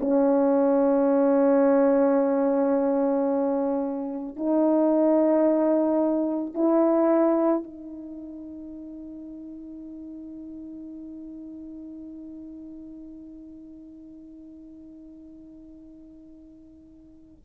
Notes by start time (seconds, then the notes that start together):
0.00 C#4
4.36 D#4
6.54 E4
7.63 D#4